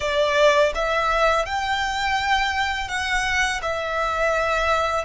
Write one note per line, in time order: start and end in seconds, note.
0.00 0.72 D5
0.75 1.45 E5
1.45 2.88 G5
2.88 3.60 F#5
3.61 5.04 E5